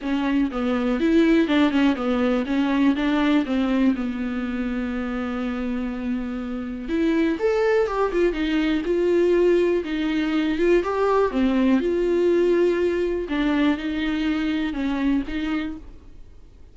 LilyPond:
\new Staff \with { instrumentName = "viola" } { \time 4/4 \tempo 4 = 122 cis'4 b4 e'4 d'8 cis'8 | b4 cis'4 d'4 c'4 | b1~ | b2 e'4 a'4 |
g'8 f'8 dis'4 f'2 | dis'4. f'8 g'4 c'4 | f'2. d'4 | dis'2 cis'4 dis'4 | }